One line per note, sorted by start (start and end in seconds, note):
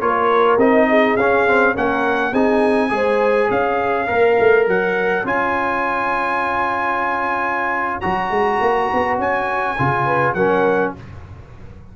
0.00 0.58 A#3
0.00 0.59 F4
0.00 0.88 A#4
0.00 0.58 C#5
0.58 1.16 C4
0.58 1.18 D#4
0.58 1.17 D#5
0.88 1.75 G#4
1.16 1.75 C#4
1.16 1.47 C#4
1.16 1.75 F5
1.47 1.74 C4
1.74 2.33 A#3
1.74 2.33 C#4
1.74 2.32 A#4
1.74 2.34 F#5
2.32 2.91 C4
2.32 2.89 D#4
2.32 2.90 G#4
2.32 3.50 G#5
2.89 3.49 G#3
2.89 4.06 G#4
2.89 3.51 C5
3.50 4.09 C#4
3.50 10.05 C#5
3.50 4.67 F5
4.07 4.39 A#3
4.07 5.24 A#4
4.40 4.67 A3
4.67 5.24 F#3
4.67 5.26 F#5
5.24 8.01 C#4
5.24 8.02 F4
5.24 8.00 G#5
8.00 8.30 F#3
8.00 9.77 F#4
8.00 9.17 A#5
8.30 8.59 G#3
8.60 8.90 A#3
8.93 9.18 B3
9.18 9.76 C#4
9.18 10.34 G#5
9.78 10.35 C#3
9.78 10.36 F4
10.05 10.34 B4
10.34 10.93 F#3
10.34 10.96 C#4
10.34 10.95 A#4
10.34 10.92 F#5